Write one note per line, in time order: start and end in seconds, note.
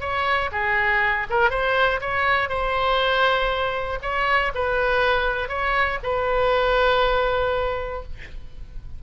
0.00 0.50 C#5
0.52 1.27 G#4
1.30 1.50 A#4
1.50 2.00 C5
2.01 2.49 C#5
2.49 3.99 C5
4.02 4.52 C#5
4.54 5.49 B4
5.49 5.99 C#5
6.03 8.03 B4